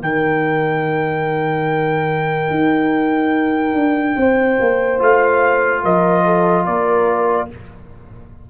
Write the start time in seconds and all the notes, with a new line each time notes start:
0.00 D#3 D#4 A#4 G5
2.50 D#4
3.74 D4
4.16 C4 C5
4.60 A#3
4.99 A3 F4 F5
5.84 F3 A#4 D#5
6.25 A4
6.65 A#3 A#4 D5